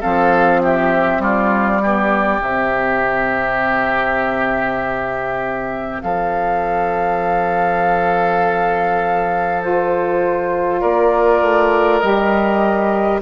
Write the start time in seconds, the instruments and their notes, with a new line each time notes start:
0.00 bassoon F3, saxophone C4, oboe A4, flute F5
0.62 oboe G4, flute E5
1.19 bassoon G3, oboe F4, flute D5
1.82 saxophone B3, oboe G4
2.39 bassoon C3, saxophone C4, flute E5
6.02 bassoon F3, oboe A4, flute F5
9.60 saxophone F4, flute C5
10.80 bassoon A#3, oboe A#4, flute D5
11.41 bassoon A3
11.99 bassoon G3, saxophone G4, flute D#5